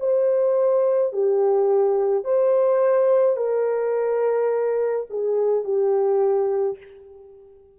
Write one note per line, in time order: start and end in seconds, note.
0.00 1.13 C5
1.13 2.24 G4
2.24 3.37 C5
3.37 5.07 A#4
5.10 5.64 G#4
5.64 6.78 G4